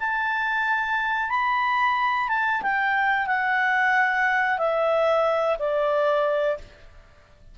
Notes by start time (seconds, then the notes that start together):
0.00 A5
1.30 B5
2.29 A5
2.63 G5
3.27 F#5
4.58 E5
5.59 D5